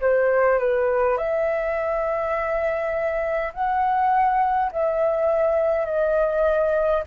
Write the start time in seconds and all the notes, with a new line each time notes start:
0.00 C5
0.59 B4
1.17 E5
3.53 F#5
4.72 E5
5.85 D#5